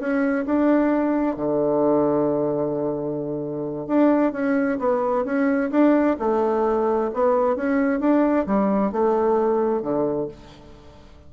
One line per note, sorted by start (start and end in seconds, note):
0.00 0.46 C#4
0.46 1.37 D4
1.37 3.88 D3
3.88 4.33 D4
4.33 4.79 C#4
4.79 5.25 B3
5.25 5.71 C#4
5.71 6.17 D4
6.20 7.11 A3
7.14 7.56 B3
7.56 8.01 C#4
8.01 8.46 D4
8.47 8.93 G3
8.93 9.82 A3
9.82 10.28 D3